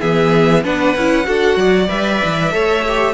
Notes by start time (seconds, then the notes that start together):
0.00 E3 B3 G#4 E5
0.63 B3 D4 B4 F#5
0.95 C#4 E4
1.24 D4 F#4 A4
1.56 F#3 D5
1.88 G3 B4 E5
2.24 E3
2.51 A3 A4 C#5
2.88 G4